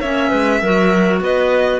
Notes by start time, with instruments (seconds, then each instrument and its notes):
0.00 cello A#3, clarinet C#4 C#5, violin E5
0.29 cello G#3, clarinet B4
0.61 cello F#3, clarinet F#4 A#4
1.20 cello B3, clarinet B4, violin D#5